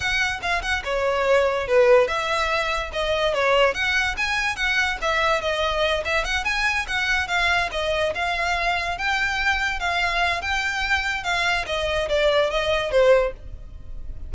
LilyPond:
\new Staff \with { instrumentName = "violin" } { \time 4/4 \tempo 4 = 144 fis''4 f''8 fis''8 cis''2 | b'4 e''2 dis''4 | cis''4 fis''4 gis''4 fis''4 | e''4 dis''4. e''8 fis''8 gis''8~ |
gis''8 fis''4 f''4 dis''4 f''8~ | f''4. g''2 f''8~ | f''4 g''2 f''4 | dis''4 d''4 dis''4 c''4 | }